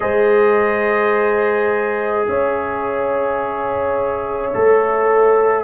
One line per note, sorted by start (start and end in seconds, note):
0.00 2.27 G#3
0.00 4.51 G#4
0.00 2.27 C5
0.00 2.26 D#5
2.26 4.54 C#4
2.26 5.64 C#5
2.26 5.64 E5
4.54 5.64 A3
4.54 5.64 A4